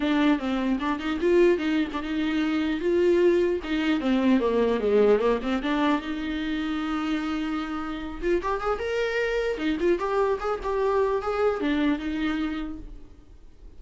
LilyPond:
\new Staff \with { instrumentName = "viola" } { \time 4/4 \tempo 4 = 150 d'4 c'4 d'8 dis'8 f'4 | dis'8. d'16 dis'2 f'4~ | f'4 dis'4 c'4 ais4 | gis4 ais8 c'8 d'4 dis'4~ |
dis'1~ | dis'8 f'8 g'8 gis'8 ais'2 | dis'8 f'8 g'4 gis'8 g'4. | gis'4 d'4 dis'2 | }